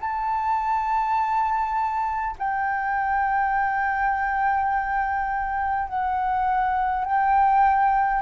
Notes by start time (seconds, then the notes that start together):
0.00 A5
2.38 G5
5.88 F#5
7.04 G5